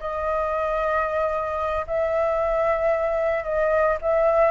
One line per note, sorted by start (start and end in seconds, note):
0.00 1.86 D#5
1.87 3.44 E5
3.44 3.98 D#5
4.02 4.51 E5